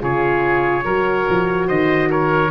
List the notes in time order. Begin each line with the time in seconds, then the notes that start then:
0.00 C#3 F4 G#4 C#5
0.84 F#3 F#4 A#4
1.29 F3
1.67 D#3 C5 D#5
2.10 A#4 C#5